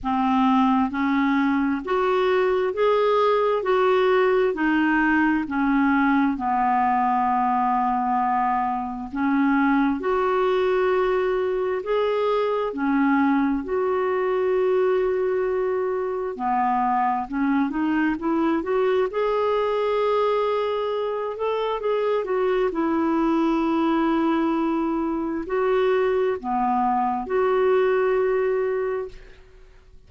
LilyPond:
\new Staff \with { instrumentName = "clarinet" } { \time 4/4 \tempo 4 = 66 c'4 cis'4 fis'4 gis'4 | fis'4 dis'4 cis'4 b4~ | b2 cis'4 fis'4~ | fis'4 gis'4 cis'4 fis'4~ |
fis'2 b4 cis'8 dis'8 | e'8 fis'8 gis'2~ gis'8 a'8 | gis'8 fis'8 e'2. | fis'4 b4 fis'2 | }